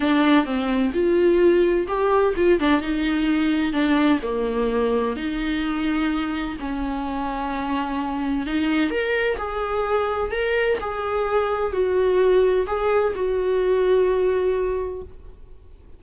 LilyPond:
\new Staff \with { instrumentName = "viola" } { \time 4/4 \tempo 4 = 128 d'4 c'4 f'2 | g'4 f'8 d'8 dis'2 | d'4 ais2 dis'4~ | dis'2 cis'2~ |
cis'2 dis'4 ais'4 | gis'2 ais'4 gis'4~ | gis'4 fis'2 gis'4 | fis'1 | }